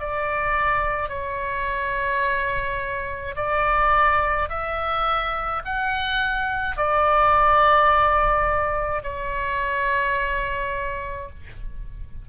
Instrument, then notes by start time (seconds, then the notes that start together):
oboe
0.00 D5
1.09 C#5
3.36 D5
4.49 E5
5.64 F#5
6.77 D5
9.03 C#5